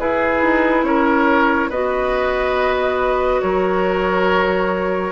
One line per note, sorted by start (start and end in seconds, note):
0.00 1.72 E4
0.00 0.43 E4
0.00 0.86 G#4
0.00 0.84 B4
0.43 0.84 D#4
0.84 1.69 C#4
0.84 1.70 A#4
0.84 1.70 C#5
1.70 3.41 B3
1.70 5.12 F#4
1.70 3.42 B4
1.70 3.42 D#5
3.42 5.12 F#3
3.42 5.12 A#4
3.42 5.12 C#5